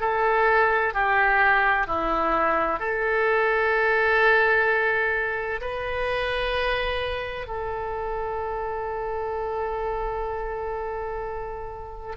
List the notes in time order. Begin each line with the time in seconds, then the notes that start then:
0.00 A4
0.94 G4
1.87 E4
2.79 A4
5.61 B4
7.47 A4